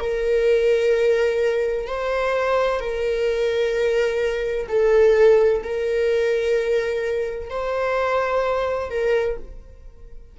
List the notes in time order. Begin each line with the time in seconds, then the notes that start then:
0.00 A#4
1.87 C5
2.80 A#4
4.68 A4
5.63 A#4
7.50 C5
8.90 A#4